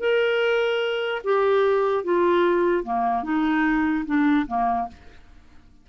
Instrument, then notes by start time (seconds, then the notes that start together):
clarinet
0.00 A#4
1.24 G4
2.04 F4
2.84 A#3
3.24 D#4
4.06 D4
4.48 A#3